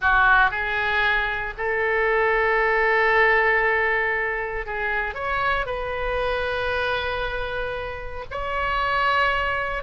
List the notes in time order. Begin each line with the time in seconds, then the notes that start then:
0.01 F#4
0.50 G#4
1.57 A4
4.66 G#4
5.14 C#5
5.66 B4
8.30 C#5